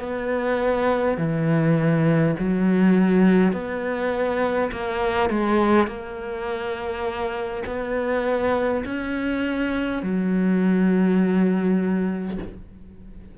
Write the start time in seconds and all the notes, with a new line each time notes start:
0.00 B3
1.18 E3
2.40 F#3
3.53 B3
4.72 A#3
5.30 G#3
5.87 A#3
7.66 B3
8.85 C#4
10.03 F#3